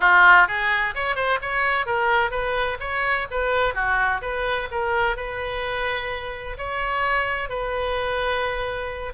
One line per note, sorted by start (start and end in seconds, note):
0.00 0.47 F4
0.47 0.94 G#4
0.94 1.15 C#5
1.15 1.38 C5
1.41 1.86 C#5
1.86 2.30 A#4
2.30 2.77 B4
2.80 3.27 C#5
3.30 3.74 B4
3.74 4.21 F#4
4.21 4.68 B4
4.71 5.16 A#4
5.16 6.57 B4
6.57 7.49 C#5
7.49 9.13 B4